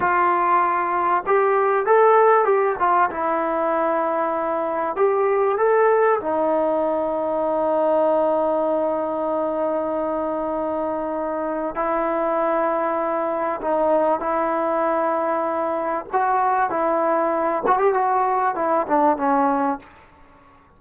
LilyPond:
\new Staff \with { instrumentName = "trombone" } { \time 4/4 \tempo 4 = 97 f'2 g'4 a'4 | g'8 f'8 e'2. | g'4 a'4 dis'2~ | dis'1~ |
dis'2. e'4~ | e'2 dis'4 e'4~ | e'2 fis'4 e'4~ | e'8 fis'16 g'16 fis'4 e'8 d'8 cis'4 | }